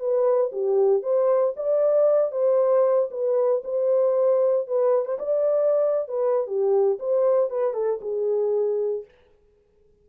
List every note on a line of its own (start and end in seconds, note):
0.00 0.52 B4
0.52 1.03 G4
1.03 1.54 C5
1.57 2.32 D5
2.32 3.10 C5
3.11 3.63 B4
3.65 4.68 C5
4.68 5.06 B4
5.06 5.19 C5
5.19 6.08 D5
6.08 6.47 B4
6.47 6.99 G4
7.00 7.51 C5
7.51 7.74 B4
7.74 8.00 A4
8.02 9.05 G#4